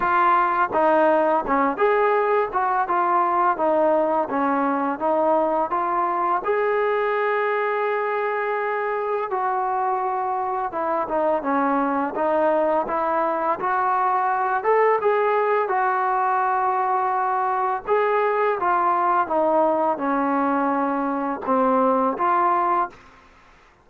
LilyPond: \new Staff \with { instrumentName = "trombone" } { \time 4/4 \tempo 4 = 84 f'4 dis'4 cis'8 gis'4 fis'8 | f'4 dis'4 cis'4 dis'4 | f'4 gis'2.~ | gis'4 fis'2 e'8 dis'8 |
cis'4 dis'4 e'4 fis'4~ | fis'8 a'8 gis'4 fis'2~ | fis'4 gis'4 f'4 dis'4 | cis'2 c'4 f'4 | }